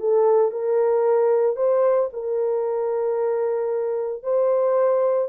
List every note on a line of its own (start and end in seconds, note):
0.00 0.52 A4
0.52 1.56 A#4
1.56 2.09 C5
2.13 4.23 A#4
4.23 5.29 C5